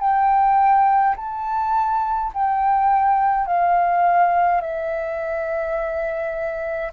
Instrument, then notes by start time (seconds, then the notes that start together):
flute
0.00 G5
1.16 A5
2.34 G5
3.47 F5
4.61 E5